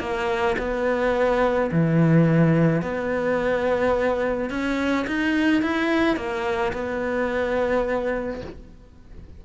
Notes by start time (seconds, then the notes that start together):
0.00 A#3
0.58 B3
1.72 E3
2.82 B3
4.50 C#4
5.07 D#4
5.62 E4
6.17 A#3
6.73 B3